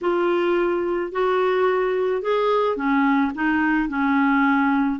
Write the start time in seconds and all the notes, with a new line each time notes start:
0.01 F4
1.11 F#4
2.21 G#4
2.76 C#4
3.34 D#4
3.89 C#4